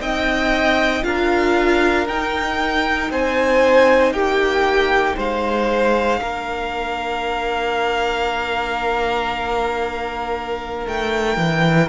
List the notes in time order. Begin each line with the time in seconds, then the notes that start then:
0.00 C4 D#4 D#5 G5
1.03 D4 F4 A#4 F5
2.06 D#4 G5
3.10 C4 C5 G#5
4.11 A#3 G4 G5
5.17 G#3 C5 F5
6.20 A#3 D4 A#4
10.87 A3 G5
11.37 E3